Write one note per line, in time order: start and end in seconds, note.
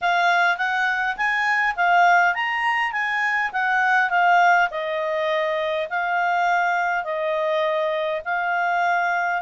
0.01 0.57 F5
0.57 1.16 F#5
1.17 1.75 G#5
1.75 2.34 F5
2.34 2.92 A#5
2.92 3.51 G#5
3.52 4.10 F#5
4.10 4.68 F5
4.70 5.88 D#5
5.89 7.03 F5
7.03 8.21 D#5
8.25 9.41 F5